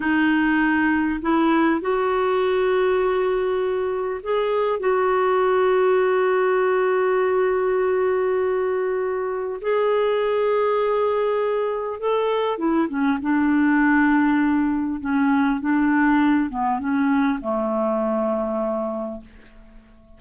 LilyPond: \new Staff \with { instrumentName = "clarinet" } { \time 4/4 \tempo 4 = 100 dis'2 e'4 fis'4~ | fis'2. gis'4 | fis'1~ | fis'1 |
gis'1 | a'4 e'8 cis'8 d'2~ | d'4 cis'4 d'4. b8 | cis'4 a2. | }